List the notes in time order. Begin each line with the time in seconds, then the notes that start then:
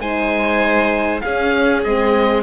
0.00 G#3 D#4 C5 G#5
1.21 C#4 G#4 F5
1.84 G#3 C4 D#5